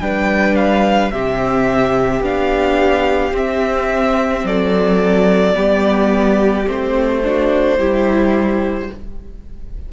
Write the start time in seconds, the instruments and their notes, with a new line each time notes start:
0.00 cello G3, viola D4, violin B4 G5
0.56 violin F5
1.11 cello C3, viola C4, violin G4 E5
2.21 cello B3, viola D4, violin F5
3.32 cello C4, viola C4, violin E5
4.44 cello F#3, violin A4 D5
5.54 cello G3, viola B3, violin G4
6.67 cello A3, viola C4, violin C5
7.24 viola D4, violin F#4
7.78 cello G3, viola E4, violin G4